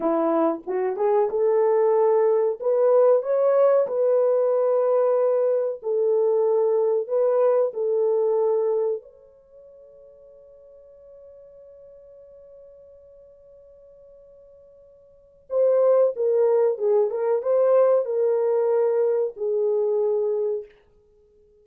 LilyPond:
\new Staff \with { instrumentName = "horn" } { \time 4/4 \tempo 4 = 93 e'4 fis'8 gis'8 a'2 | b'4 cis''4 b'2~ | b'4 a'2 b'4 | a'2 cis''2~ |
cis''1~ | cis''1 | c''4 ais'4 gis'8 ais'8 c''4 | ais'2 gis'2 | }